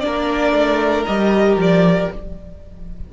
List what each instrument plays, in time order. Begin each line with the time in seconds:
0.00 cello A#3, viola D4, violin D5
0.06 violin A#4
0.52 cello A3
1.06 cello G3, viola G4, violin D#5
1.56 cello F3, violin D5